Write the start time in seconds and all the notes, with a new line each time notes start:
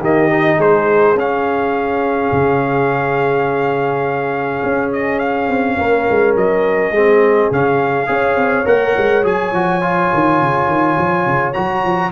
0.00 D#3 A#3 G4 D#5
0.30 D#4
0.57 G#3 G#4 C5
1.15 C#4 F5
2.32 C#3
4.64 C#4
4.93 D#5
5.19 F5
5.49 C4
5.79 A#3 A#4
6.10 G#3
6.36 F#3 D#5
6.91 G#3 C4 G#4
7.51 C#3 C#4 F5
8.07 C#4 G#4 C#5
8.36 C4
8.65 A#3 A#4 F#5
8.98 G#3
9.24 F#3 G#4 G#5
9.52 F3 F#4
9.82 F4
10.14 D#3
10.41 C#3
10.68 D#3
10.98 F3
11.26 C#3
11.54 F#3 F#4 A#5
11.84 F3